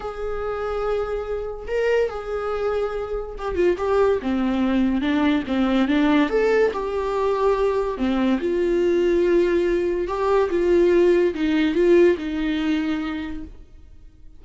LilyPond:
\new Staff \with { instrumentName = "viola" } { \time 4/4 \tempo 4 = 143 gis'1 | ais'4 gis'2. | g'8 f'8 g'4 c'2 | d'4 c'4 d'4 a'4 |
g'2. c'4 | f'1 | g'4 f'2 dis'4 | f'4 dis'2. | }